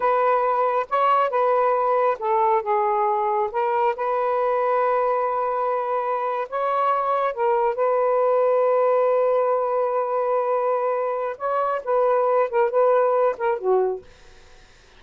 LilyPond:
\new Staff \with { instrumentName = "saxophone" } { \time 4/4 \tempo 4 = 137 b'2 cis''4 b'4~ | b'4 a'4 gis'2 | ais'4 b'2.~ | b'2~ b'8. cis''4~ cis''16~ |
cis''8. ais'4 b'2~ b'16~ | b'1~ | b'2 cis''4 b'4~ | b'8 ais'8 b'4. ais'8 fis'4 | }